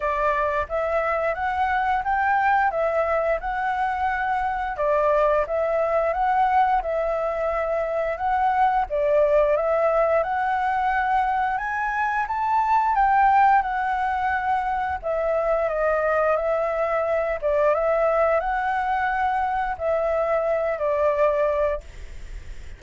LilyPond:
\new Staff \with { instrumentName = "flute" } { \time 4/4 \tempo 4 = 88 d''4 e''4 fis''4 g''4 | e''4 fis''2 d''4 | e''4 fis''4 e''2 | fis''4 d''4 e''4 fis''4~ |
fis''4 gis''4 a''4 g''4 | fis''2 e''4 dis''4 | e''4. d''8 e''4 fis''4~ | fis''4 e''4. d''4. | }